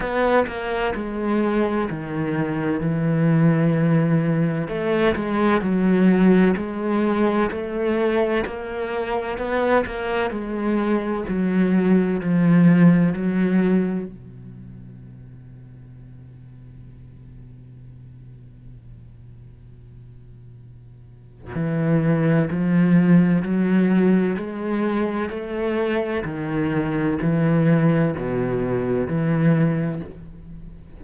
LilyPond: \new Staff \with { instrumentName = "cello" } { \time 4/4 \tempo 4 = 64 b8 ais8 gis4 dis4 e4~ | e4 a8 gis8 fis4 gis4 | a4 ais4 b8 ais8 gis4 | fis4 f4 fis4 b,4~ |
b,1~ | b,2. e4 | f4 fis4 gis4 a4 | dis4 e4 b,4 e4 | }